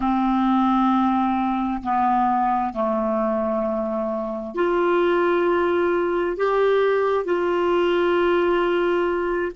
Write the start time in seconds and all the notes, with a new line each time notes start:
0.00 C4
1.83 B3
2.73 A3
4.55 F4
6.36 G4
7.24 F4